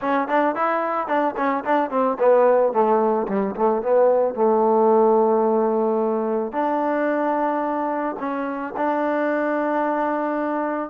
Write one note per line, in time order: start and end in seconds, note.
0.01 0.28 C#4
0.28 0.55 D4
0.55 1.07 E4
1.07 1.34 D4
1.36 1.64 C#4
1.64 1.90 D4
1.90 2.17 C4
2.19 2.72 B3
2.72 3.27 A3
3.28 3.55 G3
3.56 3.82 A3
3.82 4.34 B3
4.34 6.52 A3
6.52 8.15 D4
8.19 8.73 C#4
8.77 10.89 D4